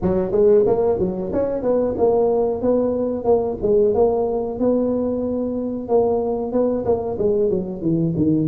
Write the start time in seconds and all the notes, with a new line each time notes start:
0.02 F#3
0.31 G#3
0.66 A#3
0.98 F#3
1.32 C#4
1.62 B3
1.97 A#3
2.61 B3
3.24 A#3
3.62 G#3
3.94 A#3
4.59 B3
5.88 A#3
6.52 B3
6.85 A#3
7.18 G#3
7.49 F#3
7.81 E3
8.16 D#3